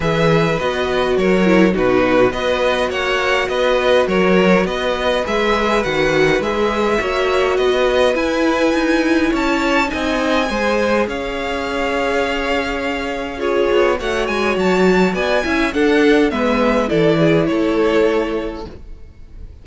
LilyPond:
<<
  \new Staff \with { instrumentName = "violin" } { \time 4/4 \tempo 4 = 103 e''4 dis''4 cis''4 b'4 | dis''4 fis''4 dis''4 cis''4 | dis''4 e''4 fis''4 e''4~ | e''4 dis''4 gis''2 |
a''4 gis''2 f''4~ | f''2. cis''4 | fis''8 gis''8 a''4 gis''4 fis''4 | e''4 d''4 cis''2 | }
  \new Staff \with { instrumentName = "violin" } { \time 4/4 b'2 ais'4 fis'4 | b'4 cis''4 b'4 ais'4 | b'1 | cis''4 b'2. |
cis''4 dis''4 c''4 cis''4~ | cis''2. gis'4 | cis''2 d''8 e''8 a'4 | b'4 a'8 gis'8 a'2 | }
  \new Staff \with { instrumentName = "viola" } { \time 4/4 gis'4 fis'4. e'8 dis'4 | fis'1~ | fis'4 gis'4 fis'4 gis'4 | fis'2 e'2~ |
e'4 dis'4 gis'2~ | gis'2. f'4 | fis'2~ fis'8 e'8 d'4 | b4 e'2. | }
  \new Staff \with { instrumentName = "cello" } { \time 4/4 e4 b4 fis4 b,4 | b4 ais4 b4 fis4 | b4 gis4 dis4 gis4 | ais4 b4 e'4 dis'4 |
cis'4 c'4 gis4 cis'4~ | cis'2.~ cis'8 b8 | a8 gis8 fis4 b8 cis'8 d'4 | gis4 e4 a2 | }
>>